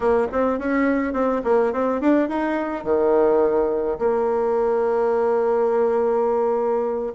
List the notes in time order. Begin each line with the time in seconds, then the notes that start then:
0.00 A#3
0.32 C4
0.58 C#4
1.13 C4
1.44 A#3
1.72 C4
2.00 D4
2.29 D#4
2.84 D#3
3.98 A#3